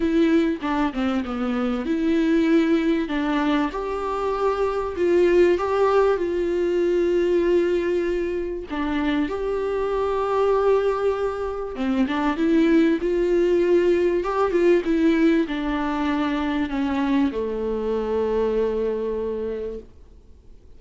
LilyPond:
\new Staff \with { instrumentName = "viola" } { \time 4/4 \tempo 4 = 97 e'4 d'8 c'8 b4 e'4~ | e'4 d'4 g'2 | f'4 g'4 f'2~ | f'2 d'4 g'4~ |
g'2. c'8 d'8 | e'4 f'2 g'8 f'8 | e'4 d'2 cis'4 | a1 | }